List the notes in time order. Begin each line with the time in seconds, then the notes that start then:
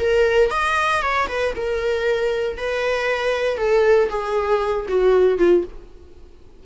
0.00 A#4
0.51 D#5
1.02 C#5
1.28 B4
1.56 A#4
2.58 B4
3.58 A4
4.10 G#4
4.89 F#4
5.38 F4